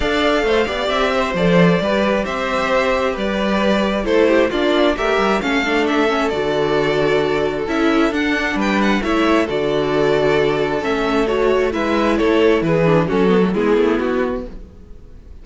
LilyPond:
<<
  \new Staff \with { instrumentName = "violin" } { \time 4/4 \tempo 4 = 133 f''2 e''4 d''4~ | d''4 e''2 d''4~ | d''4 c''4 d''4 e''4 | f''4 e''4 d''2~ |
d''4 e''4 fis''4 g''8 fis''8 | e''4 d''2. | e''4 cis''4 e''4 cis''4 | b'4 a'4 gis'4 fis'4 | }
  \new Staff \with { instrumentName = "violin" } { \time 4/4 d''4 c''8 d''4 c''4. | b'4 c''2 b'4~ | b'4 a'8 g'8 f'4 ais'4 | a'1~ |
a'2. b'4 | cis''4 a'2.~ | a'2 b'4 a'4 | gis'4 fis'4 e'2 | }
  \new Staff \with { instrumentName = "viola" } { \time 4/4 a'4. g'4. a'4 | g'1~ | g'4 e'4 d'4 g'4 | cis'8 d'4 cis'8 fis'2~ |
fis'4 e'4 d'2 | e'4 fis'2. | cis'4 fis'4 e'2~ | e'8 d'8 cis'8 b16 a16 b2 | }
  \new Staff \with { instrumentName = "cello" } { \time 4/4 d'4 a8 b8 c'4 f4 | g4 c'2 g4~ | g4 a4 ais4 a8 g8 | a2 d2~ |
d4 cis'4 d'4 g4 | a4 d2. | a2 gis4 a4 | e4 fis4 gis8 a8 b4 | }
>>